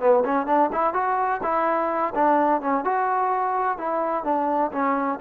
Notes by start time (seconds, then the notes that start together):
0.00 B3
0.25 C#4
0.47 D4
0.73 E4
0.94 F#4
1.43 E4
2.15 D4
2.61 C#4
2.85 F#4
3.78 E4
4.24 D4
4.72 C#4